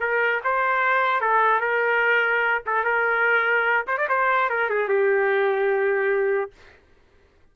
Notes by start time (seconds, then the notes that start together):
0.00 A#4
0.44 C5
1.21 A4
1.60 A#4
2.66 A4
2.84 A#4
3.87 C5
3.98 D5
4.09 C5
4.50 A#4
4.70 G#4
4.88 G4